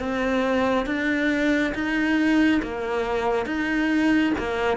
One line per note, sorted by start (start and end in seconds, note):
0.00 0.87 C4
0.87 1.74 D4
1.75 2.62 D#4
2.63 3.47 A#3
3.47 4.34 D#4
4.38 4.77 A#3